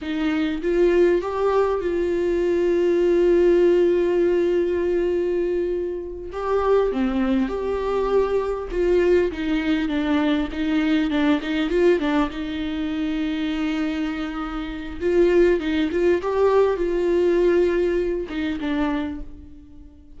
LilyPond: \new Staff \with { instrumentName = "viola" } { \time 4/4 \tempo 4 = 100 dis'4 f'4 g'4 f'4~ | f'1~ | f'2~ f'8 g'4 c'8~ | c'8 g'2 f'4 dis'8~ |
dis'8 d'4 dis'4 d'8 dis'8 f'8 | d'8 dis'2.~ dis'8~ | dis'4 f'4 dis'8 f'8 g'4 | f'2~ f'8 dis'8 d'4 | }